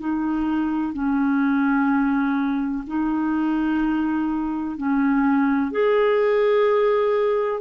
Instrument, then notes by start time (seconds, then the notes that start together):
clarinet
0.00 D#4
0.94 C#4
2.87 D#4
4.78 C#4
5.71 G#4